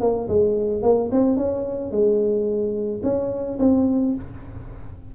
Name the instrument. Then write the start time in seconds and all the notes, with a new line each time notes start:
tuba
0.00 A#3
0.28 G#3
0.82 A#3
1.11 C4
1.37 C#4
1.91 G#3
3.03 C#4
3.59 C4